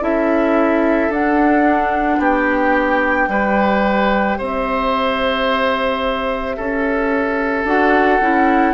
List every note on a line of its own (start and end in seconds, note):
0.00 1.09 C#4
0.00 1.10 E4
0.00 2.19 A4
0.00 1.12 E5
1.09 2.18 D4
1.09 3.30 D4
1.09 2.22 F#5
2.18 3.27 B3
2.18 3.28 G4
2.18 4.39 G5
3.28 4.37 G3
3.28 7.66 G4
3.28 4.38 B4
4.38 6.58 C4
4.38 6.56 C5
4.38 7.66 E5
6.56 7.64 C#4
6.56 8.73 A4
7.64 8.19 D4
7.64 8.21 F#4
7.64 8.73 F#5
8.20 8.73 C#4
8.20 8.73 E4